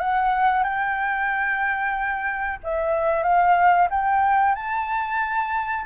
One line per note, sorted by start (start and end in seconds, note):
0.00 0.63 F#5
0.63 2.59 G5
2.64 3.23 E5
3.23 3.88 F5
3.90 4.55 G5
4.55 5.85 A5